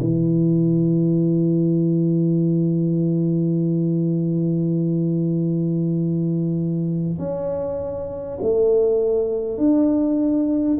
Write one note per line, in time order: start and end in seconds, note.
0.00 7.19 E3
7.19 8.39 C#4
8.42 9.58 A3
9.58 10.78 D4